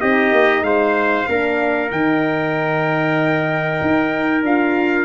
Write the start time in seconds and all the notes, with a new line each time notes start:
0.00 C4 D#4 G4 D#5
0.32 A#3
0.61 G#3 C5 F5
1.28 A#3 D4 A#4
1.91 D#3 D#4 G5
3.81 D#4
4.42 D4 F4 F5